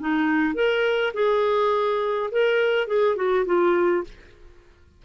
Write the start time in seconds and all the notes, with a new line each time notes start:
0.00 D#4
0.55 A#4
1.14 G#4
2.31 A#4
2.87 G#4
3.16 F#4
3.46 F4